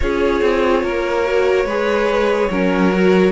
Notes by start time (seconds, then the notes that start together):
0.00 C#4 F4 G#4 C#5
0.41 C4
0.83 A#3 A#4
1.25 F#4
1.65 G#3 G#4 B4
2.50 F#3 C#4 A#4
2.92 F#4